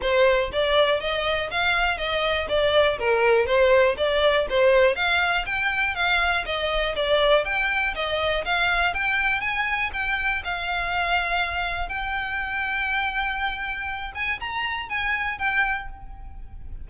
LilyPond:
\new Staff \with { instrumentName = "violin" } { \time 4/4 \tempo 4 = 121 c''4 d''4 dis''4 f''4 | dis''4 d''4 ais'4 c''4 | d''4 c''4 f''4 g''4 | f''4 dis''4 d''4 g''4 |
dis''4 f''4 g''4 gis''4 | g''4 f''2. | g''1~ | g''8 gis''8 ais''4 gis''4 g''4 | }